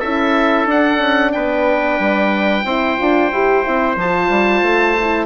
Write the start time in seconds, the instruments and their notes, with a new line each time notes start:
0.00 bassoon C#4, horn E4, trumpet A4, oboe E5
0.67 bassoon D4, horn D4, oboe F#5
0.99 bassoon C#4
1.33 bassoon B3, trumpet B4, oboe G5
2.00 bassoon G3
2.65 bassoon C4, horn E4, trumpet C5
2.99 bassoon D4, horn F4
3.33 bassoon E4, horn G4
3.64 bassoon C4, horn E4
3.97 bassoon F3, horn F4, oboe A5
4.30 bassoon G3
4.63 bassoon A3
5.01 horn E4